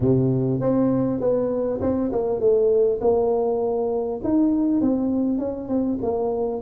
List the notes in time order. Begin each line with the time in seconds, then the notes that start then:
0.00 C3
0.60 C4
1.20 B3
1.81 C4
2.12 A#3
2.40 A3
3.00 A#3
4.23 D#4
4.81 C4
5.38 C#4
5.68 C4
6.02 A#3